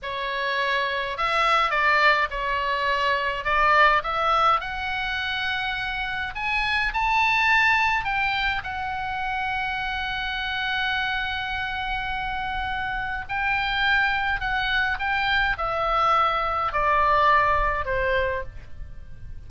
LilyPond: \new Staff \with { instrumentName = "oboe" } { \time 4/4 \tempo 4 = 104 cis''2 e''4 d''4 | cis''2 d''4 e''4 | fis''2. gis''4 | a''2 g''4 fis''4~ |
fis''1~ | fis''2. g''4~ | g''4 fis''4 g''4 e''4~ | e''4 d''2 c''4 | }